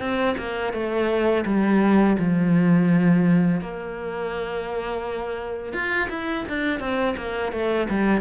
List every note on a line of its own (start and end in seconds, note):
0.00 0.36 C4
0.37 0.73 A#3
0.73 1.44 A3
1.45 2.17 G3
2.19 3.61 F3
3.61 5.73 A#3
5.73 6.09 F4
6.09 6.45 E4
6.49 6.80 D4
6.80 7.16 C4
7.17 7.52 A#3
7.52 7.88 A3
7.89 8.21 G3